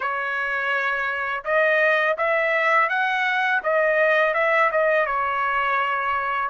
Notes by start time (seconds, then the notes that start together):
0.00 C#5
1.44 D#5
2.17 E5
2.89 F#5
3.63 D#5
4.34 E5
4.71 D#5
5.05 C#5